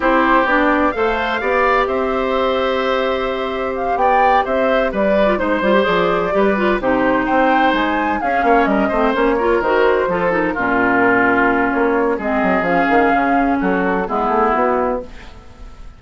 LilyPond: <<
  \new Staff \with { instrumentName = "flute" } { \time 4/4 \tempo 4 = 128 c''4 d''4 f''2 | e''1 | f''8 g''4 e''4 d''4 c''8~ | c''8 d''2 c''4 g''8~ |
g''8 gis''4 f''4 dis''4 cis''8~ | cis''8 c''4. ais'2~ | ais'4 cis''4 dis''4 f''4~ | f''4 a'4 gis'4 fis'4 | }
  \new Staff \with { instrumentName = "oboe" } { \time 4/4 g'2 c''4 d''4 | c''1~ | c''8 d''4 c''4 b'4 c''8~ | c''4. b'4 g'4 c''8~ |
c''4. gis'8 cis''8 ais'8 c''4 | ais'4. a'4 f'4.~ | f'2 gis'2~ | gis'4 fis'4 e'2 | }
  \new Staff \with { instrumentName = "clarinet" } { \time 4/4 e'4 d'4 a'4 g'4~ | g'1~ | g'2.~ g'16 f'16 dis'8 | f'16 g'16 gis'4 g'8 f'8 dis'4.~ |
dis'4. cis'4. c'8 cis'8 | f'8 fis'4 f'8 dis'8 cis'4.~ | cis'2 c'4 cis'4~ | cis'2 b2 | }
  \new Staff \with { instrumentName = "bassoon" } { \time 4/4 c'4 b4 a4 b4 | c'1~ | c'8 b4 c'4 g4 gis8 | g8 f4 g4 c4 c'8~ |
c'8 gis4 cis'8 ais8 g8 a8 ais8~ | ais8 dis4 f4 ais,4.~ | ais,4 ais4 gis8 fis8 f8 dis8 | cis4 fis4 gis8 a8 b4 | }
>>